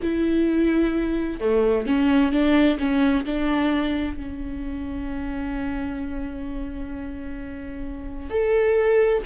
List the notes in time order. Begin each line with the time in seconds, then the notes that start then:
0.02 E4
1.40 A3
1.86 C#4
2.31 D4
2.78 C#4
3.25 D4
4.16 C#4
8.30 A4